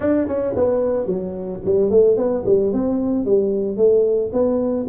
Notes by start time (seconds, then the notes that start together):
0.00 D4
0.27 C#4
0.56 B3
1.05 F#3
1.64 G3
1.90 A3
2.16 B3
2.45 G3
2.72 C4
3.25 G3
3.77 A3
4.32 B3